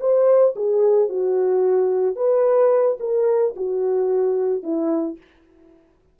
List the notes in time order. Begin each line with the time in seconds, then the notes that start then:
0.00 C5
0.56 G#4
1.09 F#4
2.16 B4
3.00 A#4
3.56 F#4
4.63 E4